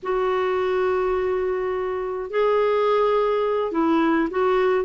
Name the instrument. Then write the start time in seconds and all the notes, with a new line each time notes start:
clarinet
0.02 F#4
2.30 G#4
3.71 E4
4.30 F#4